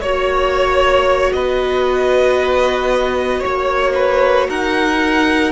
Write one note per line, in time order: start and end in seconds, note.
0.00 1.32 A#3
0.00 5.52 F#4
0.00 1.33 C#5
1.33 3.43 B3
1.33 3.40 B4
1.33 3.44 D#5
3.40 4.49 A#3
3.40 3.92 C#5
3.40 4.50 C#5
3.95 4.48 B4
4.49 5.52 D#4
4.49 5.52 A#4
4.49 5.52 F#5